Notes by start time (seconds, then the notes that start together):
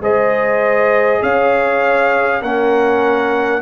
0.00 G#3 G#4 C5 D#5
1.22 C#4 C#5 F5
2.42 A#3 C#4 A#4 F#5